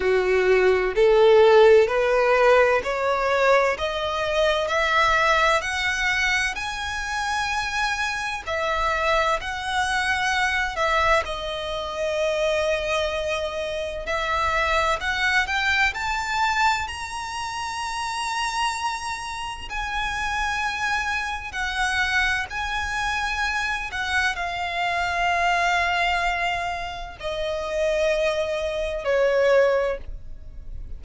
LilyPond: \new Staff \with { instrumentName = "violin" } { \time 4/4 \tempo 4 = 64 fis'4 a'4 b'4 cis''4 | dis''4 e''4 fis''4 gis''4~ | gis''4 e''4 fis''4. e''8 | dis''2. e''4 |
fis''8 g''8 a''4 ais''2~ | ais''4 gis''2 fis''4 | gis''4. fis''8 f''2~ | f''4 dis''2 cis''4 | }